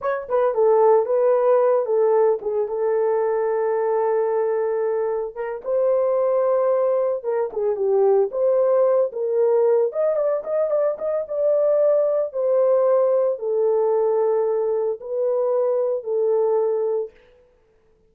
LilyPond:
\new Staff \with { instrumentName = "horn" } { \time 4/4 \tempo 4 = 112 cis''8 b'8 a'4 b'4. a'8~ | a'8 gis'8 a'2.~ | a'2 ais'8 c''4.~ | c''4. ais'8 gis'8 g'4 c''8~ |
c''4 ais'4. dis''8 d''8 dis''8 | d''8 dis''8 d''2 c''4~ | c''4 a'2. | b'2 a'2 | }